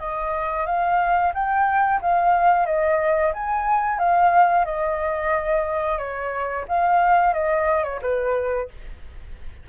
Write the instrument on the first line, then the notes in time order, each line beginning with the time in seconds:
flute
0.00 D#5
0.67 F5
1.34 G5
2.02 F5
2.66 D#5
3.34 G#5
3.99 F5
4.66 D#5
5.99 C#5
6.69 F5
7.34 D#5
7.84 C#5
8.02 B4